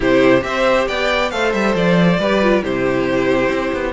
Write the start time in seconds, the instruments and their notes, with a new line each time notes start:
0.00 cello C3, viola E4, violin G4 C5
0.40 cello C4, viola G4, violin E5
0.46 violin C5
0.87 cello B3, violin D5 G5
1.30 cello A3, viola A4, violin C5 F5
1.52 cello G3, violin E5
1.74 cello F3, violin D5
2.19 cello G3, viola G4, violin B4
2.42 viola F4
2.62 cello C3, viola E4, violin G4 C5
3.49 cello C4
3.73 cello B3